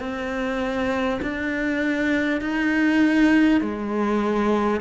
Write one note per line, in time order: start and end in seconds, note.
0.00 1.20 C4
1.22 2.42 D4
2.42 3.62 D#4
3.62 4.81 G#3